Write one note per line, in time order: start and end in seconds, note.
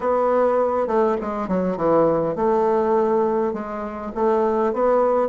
0.00 0.87 B3
0.87 1.16 A3
1.21 1.48 G#3
1.48 1.76 F#3
1.76 2.35 E3
2.35 3.53 A3
3.53 4.12 G#3
4.14 4.73 A3
4.73 5.28 B3